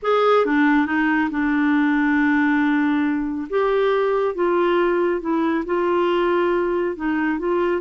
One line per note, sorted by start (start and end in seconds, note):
0.02 0.45 G#4
0.45 0.86 D4
0.86 1.29 D#4
1.30 3.48 D4
3.49 4.34 G4
4.34 5.21 F4
5.21 5.64 E4
5.65 6.96 F4
6.96 7.39 D#4
7.39 7.81 F4